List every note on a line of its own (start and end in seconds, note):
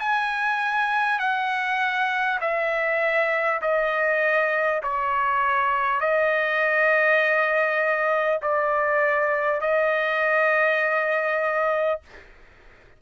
0.00 1.19 G#5
1.19 2.39 F#5
2.41 3.61 E5
3.62 4.82 D#5
4.83 6.01 C#5
6.01 8.41 D#5
8.42 9.61 D5
9.61 12.01 D#5